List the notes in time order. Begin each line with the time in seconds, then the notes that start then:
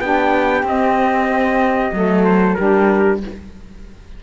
0.00 B3 D4 G4 G5
0.63 C4 D#5
1.92 F#3 A3 A4
2.25 C5
2.55 G3 D4 G4 A#4